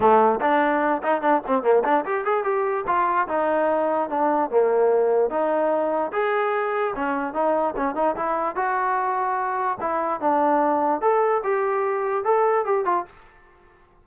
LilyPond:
\new Staff \with { instrumentName = "trombone" } { \time 4/4 \tempo 4 = 147 a4 d'4. dis'8 d'8 c'8 | ais8 d'8 g'8 gis'8 g'4 f'4 | dis'2 d'4 ais4~ | ais4 dis'2 gis'4~ |
gis'4 cis'4 dis'4 cis'8 dis'8 | e'4 fis'2. | e'4 d'2 a'4 | g'2 a'4 g'8 f'8 | }